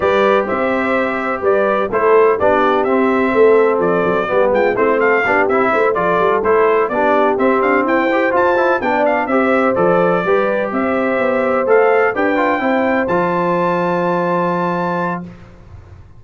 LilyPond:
<<
  \new Staff \with { instrumentName = "trumpet" } { \time 4/4 \tempo 4 = 126 d''4 e''2 d''4 | c''4 d''4 e''2 | d''4. g''8 c''8 f''4 e''8~ | e''8 d''4 c''4 d''4 e''8 |
f''8 g''4 a''4 g''8 f''8 e''8~ | e''8 d''2 e''4.~ | e''8 f''4 g''2 a''8~ | a''1 | }
  \new Staff \with { instrumentName = "horn" } { \time 4/4 b'4 c''2 b'4 | a'4 g'2 a'4~ | a'4 g'8 f'8 e'8 a'8 g'4 | c''8 a'2 g'4.~ |
g'8 c''2 d''4 c''8~ | c''4. b'4 c''4.~ | c''4. b'4 c''4.~ | c''1 | }
  \new Staff \with { instrumentName = "trombone" } { \time 4/4 g'1 | e'4 d'4 c'2~ | c'4 b4 c'4 d'8 e'8~ | e'8 f'4 e'4 d'4 c'8~ |
c'4 g'8 f'8 e'8 d'4 g'8~ | g'8 a'4 g'2~ g'8~ | g'8 a'4 g'8 f'8 e'4 f'8~ | f'1 | }
  \new Staff \with { instrumentName = "tuba" } { \time 4/4 g4 c'2 g4 | a4 b4 c'4 a4 | f8 fis8 g8 gis8 a4 b8 c'8 | a8 f8 g8 a4 b4 c'8 |
d'8 e'4 f'4 b4 c'8~ | c'8 f4 g4 c'4 b8~ | b8 a4 d'4 c'4 f8~ | f1 | }
>>